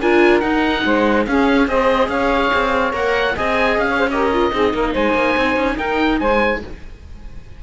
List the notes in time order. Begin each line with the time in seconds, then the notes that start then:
0.00 D4 F4 A#4 G#5
0.40 D#4 F#5
0.85 G#3 C5
1.26 C#4 G#4 F5
1.68 C4 G#4 C5 D#5
2.09 C#4 C#5 F5
2.54 C4
2.93 A#3 A#4 F#5
3.36 C4 G#4 D#5 G#5
3.78 C#4 F5
3.89 C#5
3.99 C5
4.11 G4 A#4 D#5
4.33 F4
4.52 C4 D#4 G#4
4.73 A#3 A#4
4.93 G#3 C5 G#5
5.14 A#3
5.37 C4
5.57 C#4
5.78 D#4 A#4 G5
6.20 G#3 C5 G#5